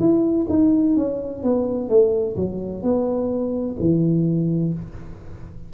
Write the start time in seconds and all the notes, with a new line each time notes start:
0.00 E4
0.49 D#4
0.96 C#4
1.43 B3
1.89 A3
2.36 F#3
2.83 B3
3.80 E3